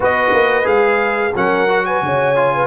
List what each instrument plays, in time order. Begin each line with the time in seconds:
0.00 tuba B3, trombone F#4, horn B4, trumpet D#5
0.33 tuba A#3
0.63 tuba G#3, trombone G#4, trumpet F5
1.35 tuba F#3, trombone C#4, horn A#4, trumpet F#5
1.68 trombone F#4
1.85 horn B4, trumpet G#5
2.02 tuba C#3, horn C#5
2.35 trombone F4
2.54 horn B4